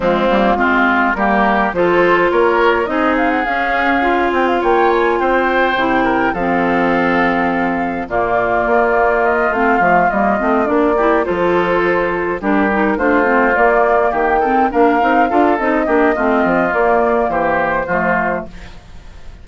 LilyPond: <<
  \new Staff \with { instrumentName = "flute" } { \time 4/4 \tempo 4 = 104 f'2 ais'4 c''4 | cis''4 dis''8 f''16 fis''16 f''4. g''16 f''16 | g''8 gis''8 g''2 f''4~ | f''2 d''2 |
dis''8 f''4 dis''4 d''4 c''8~ | c''4. ais'4 c''4 d''8~ | d''8 g''4 f''4. dis''4~ | dis''4 d''4 c''2 | }
  \new Staff \with { instrumentName = "oboe" } { \time 4/4 c'4 f'4 g'4 a'4 | ais'4 gis'2. | cis''4 c''4. ais'8 a'4~ | a'2 f'2~ |
f'2. g'8 a'8~ | a'4. g'4 f'4.~ | f'8 g'8 a'8 ais'4 a'4 g'8 | f'2 g'4 f'4 | }
  \new Staff \with { instrumentName = "clarinet" } { \time 4/4 gis8 ais8 c'4 ais4 f'4~ | f'4 dis'4 cis'4 f'4~ | f'2 e'4 c'4~ | c'2 ais2~ |
ais8 c'8 a8 ais8 c'8 d'8 e'8 f'8~ | f'4. d'8 dis'8 d'8 c'8 ais8~ | ais4 c'8 d'8 dis'8 f'8 dis'8 d'8 | c'4 ais2 a4 | }
  \new Staff \with { instrumentName = "bassoon" } { \time 4/4 f8 g8 gis4 g4 f4 | ais4 c'4 cis'4. c'8 | ais4 c'4 c4 f4~ | f2 ais,4 ais4~ |
ais8 a8 f8 g8 a8 ais4 f8~ | f4. g4 a4 ais8~ | ais8 dis4 ais8 c'8 d'8 c'8 ais8 | a8 f8 ais4 e4 f4 | }
>>